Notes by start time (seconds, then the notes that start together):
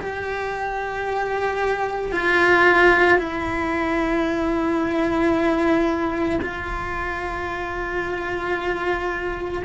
0.00 G4
2.12 F4
3.18 E4
6.41 F4